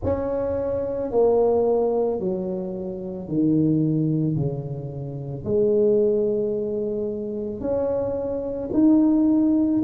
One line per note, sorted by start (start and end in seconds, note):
0.03 1.11 C#4
1.11 2.19 A#3
2.19 3.27 F#3
3.27 4.36 D#3
4.36 5.44 C#3
5.44 7.60 G#3
7.60 8.69 C#4
8.73 9.82 D#4